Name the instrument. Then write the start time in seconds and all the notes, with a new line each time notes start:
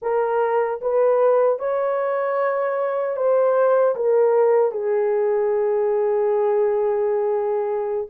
horn
0.01 A#4
0.81 B4
1.59 C#5
3.16 C5
3.95 A#4
4.72 G#4